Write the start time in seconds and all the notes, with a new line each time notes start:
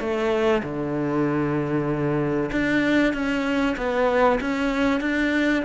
0.00 A3
0.63 D3
2.52 D4
3.14 C#4
3.77 B3
4.41 C#4
5.01 D4